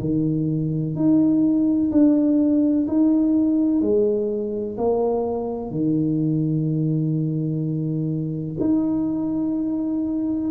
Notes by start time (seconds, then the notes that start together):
0.00 D#3
0.95 D#4
1.91 D4
2.87 D#4
3.81 G#3
4.77 A#3
5.70 D#3
8.60 D#4